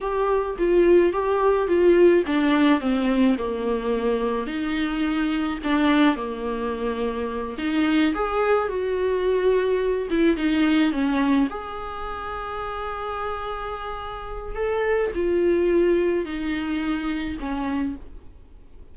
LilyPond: \new Staff \with { instrumentName = "viola" } { \time 4/4 \tempo 4 = 107 g'4 f'4 g'4 f'4 | d'4 c'4 ais2 | dis'2 d'4 ais4~ | ais4. dis'4 gis'4 fis'8~ |
fis'2 e'8 dis'4 cis'8~ | cis'8 gis'2.~ gis'8~ | gis'2 a'4 f'4~ | f'4 dis'2 cis'4 | }